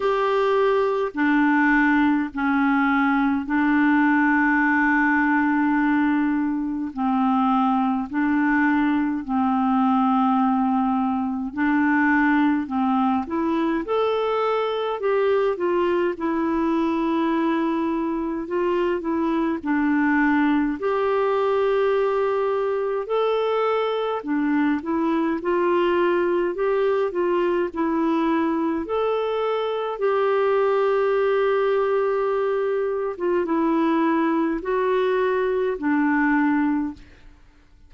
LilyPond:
\new Staff \with { instrumentName = "clarinet" } { \time 4/4 \tempo 4 = 52 g'4 d'4 cis'4 d'4~ | d'2 c'4 d'4 | c'2 d'4 c'8 e'8 | a'4 g'8 f'8 e'2 |
f'8 e'8 d'4 g'2 | a'4 d'8 e'8 f'4 g'8 f'8 | e'4 a'4 g'2~ | g'8. f'16 e'4 fis'4 d'4 | }